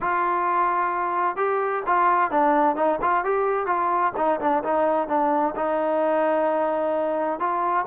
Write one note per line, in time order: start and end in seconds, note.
0.00 1.36 F4
1.36 1.82 G4
1.86 2.30 F4
2.30 2.76 D4
2.76 2.99 D#4
3.01 3.24 F4
3.24 3.66 G4
3.66 4.12 F4
4.16 4.40 D#4
4.40 4.63 D4
4.63 5.08 D#4
5.08 5.54 D4
5.55 7.39 D#4
7.39 7.85 F4